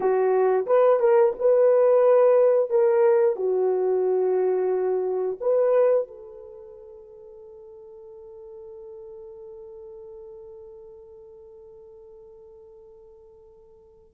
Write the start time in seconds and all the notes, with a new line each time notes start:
0.00 F#4
0.66 B4
0.99 A#4
1.39 B4
2.70 A#4
3.36 F#4
5.40 B4
6.07 A4